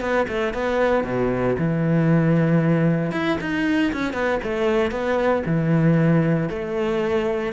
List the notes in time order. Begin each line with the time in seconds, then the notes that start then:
0.00 B3
0.28 A3
0.53 B3
1.04 B2
1.58 E3
3.12 E4
3.40 D#4
3.92 C#4
4.13 B3
4.43 A3
4.91 B3
5.45 E3
6.49 A3